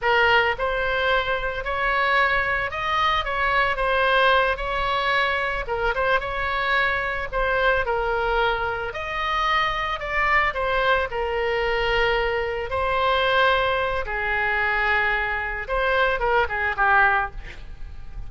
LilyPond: \new Staff \with { instrumentName = "oboe" } { \time 4/4 \tempo 4 = 111 ais'4 c''2 cis''4~ | cis''4 dis''4 cis''4 c''4~ | c''8 cis''2 ais'8 c''8 cis''8~ | cis''4. c''4 ais'4.~ |
ais'8 dis''2 d''4 c''8~ | c''8 ais'2. c''8~ | c''2 gis'2~ | gis'4 c''4 ais'8 gis'8 g'4 | }